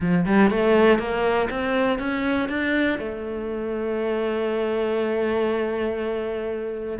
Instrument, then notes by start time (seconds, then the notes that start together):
cello
0.00 F3
0.25 G3
0.50 A3
0.99 A#3
1.50 C4
1.98 C#4
2.48 D4
2.99 A3